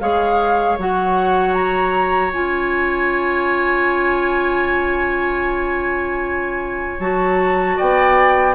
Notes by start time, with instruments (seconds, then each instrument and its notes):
0.00 bassoon G#3, clarinet G#4, oboe C#5, flute F5
0.78 bassoon F#3, clarinet F#4, flute F#5
1.53 flute A#5
2.32 bassoon C#4, clarinet F4, flute G#5
6.99 bassoon F#3, clarinet F#4, flute A5
7.77 bassoon B3, oboe D5, flute G5